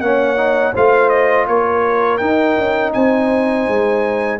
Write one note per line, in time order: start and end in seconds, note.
0.00 0.73 A#3
0.00 0.37 C#4
0.00 0.72 C#5
0.00 0.73 F#5
0.37 0.73 D#4
0.72 1.47 A3
0.72 2.20 F4
0.72 1.46 C5
0.72 1.09 F5
1.09 1.45 D#5
1.47 2.20 A#3
1.47 2.94 A#4
1.47 2.17 C#5
2.17 2.57 D#4
2.17 4.39 D#4
2.17 2.90 G5
2.57 2.94 C#4
2.93 3.68 C4
2.93 4.39 C5
2.93 4.39 G#5
3.68 4.39 G#3